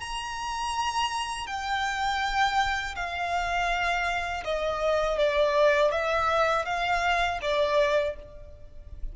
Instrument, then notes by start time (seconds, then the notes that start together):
violin
0.00 A#5
1.47 G5
2.96 F5
4.44 D#5
5.18 D5
5.91 E5
6.65 F5
7.42 D5